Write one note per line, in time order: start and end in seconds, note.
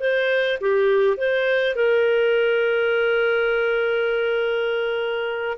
0.00 0.59 C5
0.61 1.17 G4
1.17 1.75 C5
1.75 5.58 A#4